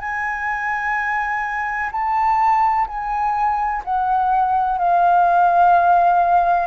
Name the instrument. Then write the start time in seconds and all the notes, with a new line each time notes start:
flute
0.00 G#5
1.92 A5
2.88 G#5
3.85 F#5
4.78 F5